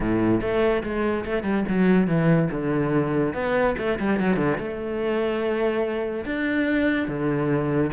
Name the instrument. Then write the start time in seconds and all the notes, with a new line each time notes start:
cello
0.00 A2
0.41 A3
0.83 G#3
1.25 A3
1.43 G3
1.68 F#3
2.07 E3
2.51 D3
3.34 B3
3.78 A3
3.99 G3
4.19 F#3
4.36 D3
4.58 A3
6.25 D4
7.08 D3